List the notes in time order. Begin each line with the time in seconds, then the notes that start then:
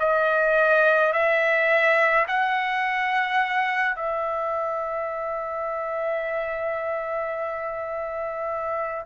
0.00 D#5
1.13 E5
2.28 F#5
3.96 E5